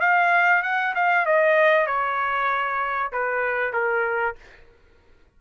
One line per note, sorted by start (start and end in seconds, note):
0.00 0.62 F5
0.62 0.94 F#5
0.95 1.26 F5
1.26 1.87 D#5
1.87 3.12 C#5
3.12 3.73 B4
3.73 4.35 A#4